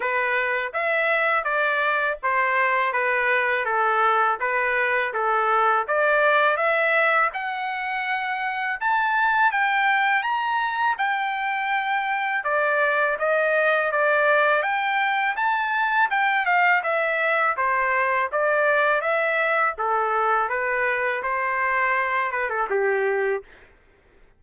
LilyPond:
\new Staff \with { instrumentName = "trumpet" } { \time 4/4 \tempo 4 = 82 b'4 e''4 d''4 c''4 | b'4 a'4 b'4 a'4 | d''4 e''4 fis''2 | a''4 g''4 ais''4 g''4~ |
g''4 d''4 dis''4 d''4 | g''4 a''4 g''8 f''8 e''4 | c''4 d''4 e''4 a'4 | b'4 c''4. b'16 a'16 g'4 | }